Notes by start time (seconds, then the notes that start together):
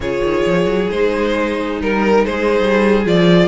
0.00 C#3 F4 G#4 C#5
0.23 D#3
0.46 F3
0.65 F#3
0.90 G#3 D#4 C5
1.80 G3 A#4
2.25 G#3 G#4 C5
2.60 G3
3.05 F3 F4 D5